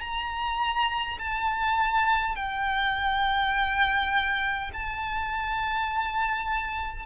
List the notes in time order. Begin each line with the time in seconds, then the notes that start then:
0.00 A#5
1.19 A5
2.35 G5
4.73 A5